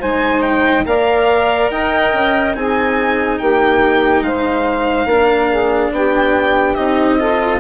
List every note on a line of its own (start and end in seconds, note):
0.00 0.86 G#3
0.00 0.86 D#4
0.00 0.85 C5
0.00 0.42 G#5
0.42 0.85 G5
0.86 1.70 A#3
0.86 2.54 A#4
0.86 1.72 D5
0.86 1.71 F5
1.70 2.13 D#4
1.70 2.56 D#5
1.70 2.55 G5
2.13 2.55 C#4
2.54 3.40 C4
2.54 5.08 D#4
2.54 3.40 G#4
2.54 3.39 G#5
3.39 4.22 A#3
3.39 4.24 G4
3.39 4.23 G5
4.22 5.06 G#3
4.22 5.08 C5
4.22 5.92 F5
5.06 5.90 A#3
5.06 6.77 D4
5.06 5.50 A#4
5.50 5.92 G#4
5.92 6.76 B3
5.92 7.18 G4
5.92 6.75 G5
6.75 7.60 C4
6.75 7.20 D#4
6.75 7.60 D#5
7.18 7.60 F4
7.18 7.60 A4